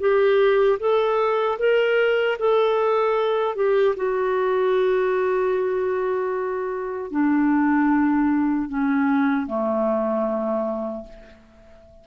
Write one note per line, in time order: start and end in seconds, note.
0.00 0.79 G4
0.80 1.59 A4
1.59 2.38 A#4
2.39 3.56 A4
3.56 3.95 G4
3.97 7.11 F#4
7.11 8.69 D4
8.69 9.47 C#4
9.47 11.05 A3